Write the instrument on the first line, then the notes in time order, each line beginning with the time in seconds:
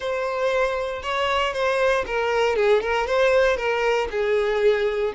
violin
0.00 C5
1.02 C#5
1.53 C5
2.06 A#4
2.55 G#4
2.81 A#4
3.06 C5
3.56 A#4
4.10 G#4